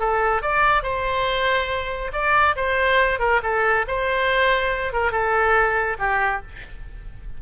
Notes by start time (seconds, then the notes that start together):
0.00 A4
0.42 D5
0.83 C5
2.13 D5
2.56 C5
3.19 A#4
3.43 A4
3.88 C5
4.93 A#4
5.12 A4
5.99 G4